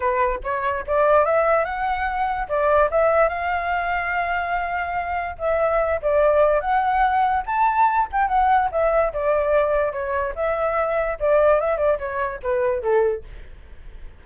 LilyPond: \new Staff \with { instrumentName = "flute" } { \time 4/4 \tempo 4 = 145 b'4 cis''4 d''4 e''4 | fis''2 d''4 e''4 | f''1~ | f''4 e''4. d''4. |
fis''2 a''4. g''8 | fis''4 e''4 d''2 | cis''4 e''2 d''4 | e''8 d''8 cis''4 b'4 a'4 | }